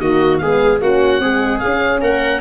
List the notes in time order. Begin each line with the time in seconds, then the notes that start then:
0.00 D#3 A#3 F#4 D#5
0.38 G#3 B3 G#4 F5
0.81 A#3 C#4 F#4 F#5
1.19 G#3 C4 G#4
1.59 C#4 F5
2.01 A#3 A#4 F#5